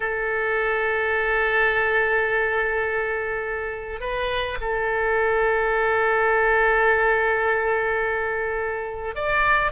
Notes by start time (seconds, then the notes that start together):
0.00 A4
4.00 B4
4.60 A4
9.15 D5